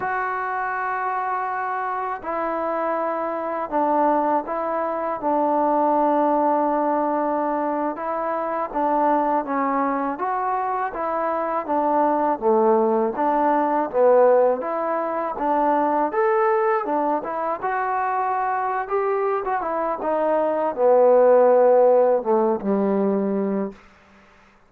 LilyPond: \new Staff \with { instrumentName = "trombone" } { \time 4/4 \tempo 4 = 81 fis'2. e'4~ | e'4 d'4 e'4 d'4~ | d'2~ d'8. e'4 d'16~ | d'8. cis'4 fis'4 e'4 d'16~ |
d'8. a4 d'4 b4 e'16~ | e'8. d'4 a'4 d'8 e'8 fis'16~ | fis'4. g'8. fis'16 e'8 dis'4 | b2 a8 g4. | }